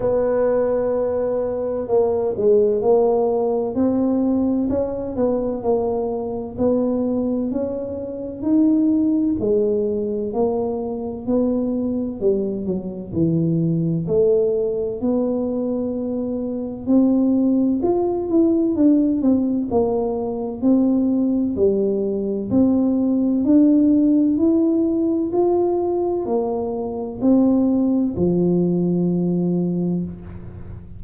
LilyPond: \new Staff \with { instrumentName = "tuba" } { \time 4/4 \tempo 4 = 64 b2 ais8 gis8 ais4 | c'4 cis'8 b8 ais4 b4 | cis'4 dis'4 gis4 ais4 | b4 g8 fis8 e4 a4 |
b2 c'4 f'8 e'8 | d'8 c'8 ais4 c'4 g4 | c'4 d'4 e'4 f'4 | ais4 c'4 f2 | }